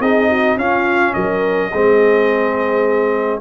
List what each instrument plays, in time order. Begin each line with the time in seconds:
0.00 tuba C4, trombone D#4, horn G#4, trumpet D#5
0.29 horn F#4
0.56 tuba C#4, trombone C#4, horn F4, trumpet F5
1.14 tuba F#3, horn A#4, trumpet D#5
1.70 tuba G#3, trombone C4, horn G#4